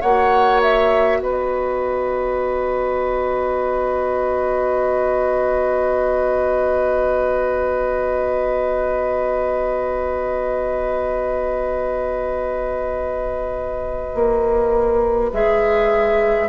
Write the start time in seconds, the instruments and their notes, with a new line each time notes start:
0.00 bassoon A#3, clarinet F#4, oboe C#5, flute F#5
0.62 flute E5
1.19 bassoon B3, oboe B4, flute D#5
14.14 bassoon A#3
15.32 bassoon G#3, clarinet G#4, flute E5